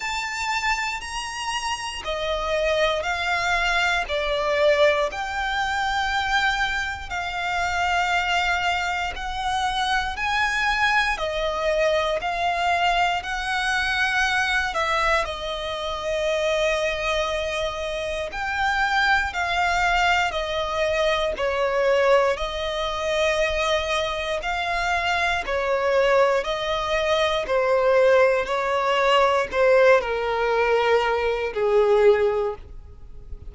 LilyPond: \new Staff \with { instrumentName = "violin" } { \time 4/4 \tempo 4 = 59 a''4 ais''4 dis''4 f''4 | d''4 g''2 f''4~ | f''4 fis''4 gis''4 dis''4 | f''4 fis''4. e''8 dis''4~ |
dis''2 g''4 f''4 | dis''4 cis''4 dis''2 | f''4 cis''4 dis''4 c''4 | cis''4 c''8 ais'4. gis'4 | }